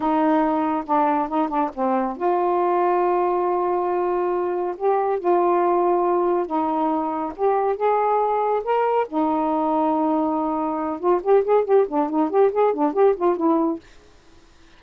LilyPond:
\new Staff \with { instrumentName = "saxophone" } { \time 4/4 \tempo 4 = 139 dis'2 d'4 dis'8 d'8 | c'4 f'2.~ | f'2. g'4 | f'2. dis'4~ |
dis'4 g'4 gis'2 | ais'4 dis'2.~ | dis'4. f'8 g'8 gis'8 g'8 d'8 | dis'8 g'8 gis'8 d'8 g'8 f'8 e'4 | }